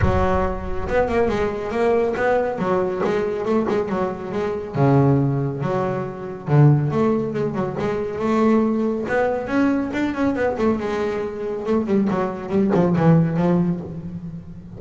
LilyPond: \new Staff \with { instrumentName = "double bass" } { \time 4/4 \tempo 4 = 139 fis2 b8 ais8 gis4 | ais4 b4 fis4 gis4 | a8 gis8 fis4 gis4 cis4~ | cis4 fis2 d4 |
a4 gis8 fis8 gis4 a4~ | a4 b4 cis'4 d'8 cis'8 | b8 a8 gis2 a8 g8 | fis4 g8 f8 e4 f4 | }